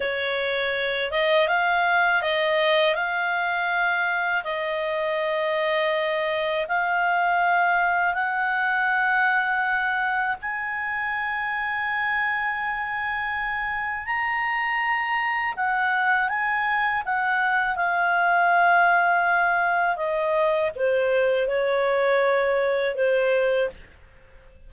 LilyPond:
\new Staff \with { instrumentName = "clarinet" } { \time 4/4 \tempo 4 = 81 cis''4. dis''8 f''4 dis''4 | f''2 dis''2~ | dis''4 f''2 fis''4~ | fis''2 gis''2~ |
gis''2. ais''4~ | ais''4 fis''4 gis''4 fis''4 | f''2. dis''4 | c''4 cis''2 c''4 | }